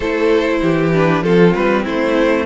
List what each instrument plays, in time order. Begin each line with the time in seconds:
0.00 cello A3, viola E4, violin A4 C5
0.62 cello E3, violin G4
0.93 viola D4, violin B4
1.22 cello F3, viola C4, violin F4 A4
1.53 cello G3, violin B4
1.84 cello A3, violin E4 C5